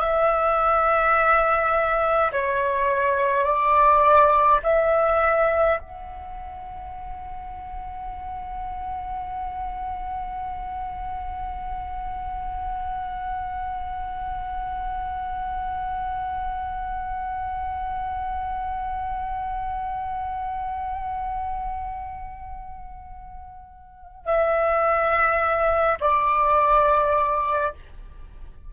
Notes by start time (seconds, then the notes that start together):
0.00 E5
2.32 C#5
3.44 D5
4.63 E5
5.80 F#5
24.25 E5
26.00 D5